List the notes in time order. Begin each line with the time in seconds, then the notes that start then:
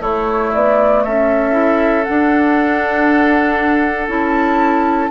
0.00 A3 E4 C#5
0.54 B3 D5
1.04 C#4 A4 E5
1.52 E4
2.04 D4 F#5
4.08 C#4 E4 A5